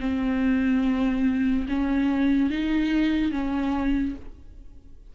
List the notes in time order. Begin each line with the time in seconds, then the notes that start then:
0.00 C4
1.69 C#4
2.50 D#4
3.32 C#4